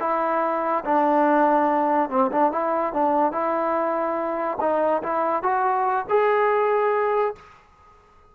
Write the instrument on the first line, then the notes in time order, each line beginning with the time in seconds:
trombone
0.00 E4
0.85 D4
2.10 C4
2.31 D4
2.52 E4
2.93 D4
3.32 E4
4.60 D#4
5.03 E4
5.43 F#4
6.09 G#4